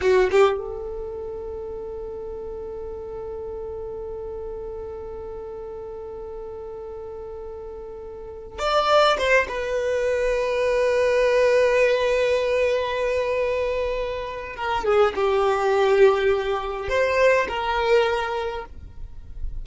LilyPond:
\new Staff \with { instrumentName = "violin" } { \time 4/4 \tempo 4 = 103 fis'8 g'8 a'2.~ | a'1~ | a'1~ | a'2~ a'8. d''4 c''16~ |
c''16 b'2.~ b'8.~ | b'1~ | b'4 ais'8 gis'8 g'2~ | g'4 c''4 ais'2 | }